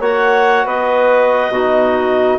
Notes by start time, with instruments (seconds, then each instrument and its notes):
0.00 bassoon A#3, trombone F#4, clarinet C#5 F#5
0.65 bassoon B3, clarinet B4 D#5
1.50 bassoon B2, trombone D#4, clarinet F#4